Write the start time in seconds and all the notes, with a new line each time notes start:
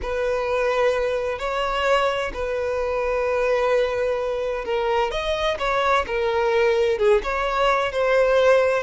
0.02 B4
1.38 C#5
2.33 B4
4.64 A#4
5.11 D#5
5.58 C#5
6.07 A#4
6.98 G#4
7.23 C#5
7.92 C5